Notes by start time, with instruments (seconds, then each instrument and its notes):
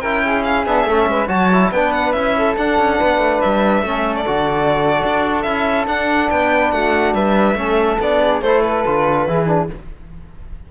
0.00 cello C#4, trombone E4, flute A#4, violin G5
0.25 flute G#4
0.44 violin F5
0.66 cello B3, trombone D4, violin E5
0.84 cello A3, trombone C#4, flute A4
1.07 cello G#3, flute B4
1.27 cello F#3, trombone F#4, flute C#5, violin A5
1.52 trombone E4
1.71 cello B3, trombone D4, flute B4, violin G5
1.92 violin F#5
2.12 cello C#4, trombone E4, violin E5
2.38 flute A4
2.57 trombone D4, cello D4, violin F#5
2.78 cello C#4
2.99 cello B3, flute B4
3.17 cello A3
3.41 cello G3, violin E5
3.82 cello A3, trombone C#4, flute A4
4.16 violin D5
4.26 cello D3, trombone F#4
5.03 cello D4
5.42 cello C#4, trombone E4, violin E5
5.86 trombone D4, cello D4, violin F#5
6.30 cello B3, flute B4, violin G5
6.71 cello A3, flute F#4, violin F#5
7.14 cello G3, flute B4, violin E5
7.55 cello A3, trombone C#4, flute A4
7.99 cello B3, trombone D4, violin D5
8.21 flute G#4
8.41 cello A3, trombone E4, flute A4, violin C5
8.62 violin B4
8.86 cello D3, trombone F4
9.27 cello E3, trombone E4, flute G#4
9.46 trombone D4